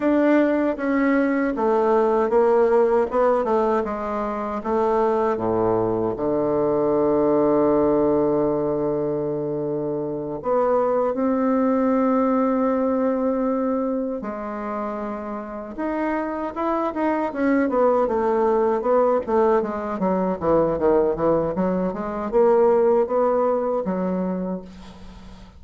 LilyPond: \new Staff \with { instrumentName = "bassoon" } { \time 4/4 \tempo 4 = 78 d'4 cis'4 a4 ais4 | b8 a8 gis4 a4 a,4 | d1~ | d4. b4 c'4.~ |
c'2~ c'8 gis4.~ | gis8 dis'4 e'8 dis'8 cis'8 b8 a8~ | a8 b8 a8 gis8 fis8 e8 dis8 e8 | fis8 gis8 ais4 b4 fis4 | }